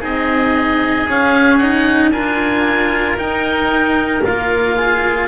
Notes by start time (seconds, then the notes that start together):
0.00 C4 D#4 G#4 D#5
1.06 C#4 F5
1.58 D#4 F#5
2.11 D4 F4 A#4 G#5
3.16 D#4 G5
4.24 A#3 F4 F5
4.76 G#4